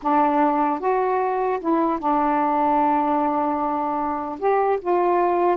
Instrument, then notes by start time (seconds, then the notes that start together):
saxophone
0.02 D4
0.79 F#4
1.60 E4
1.99 D4
4.39 G4
4.81 F4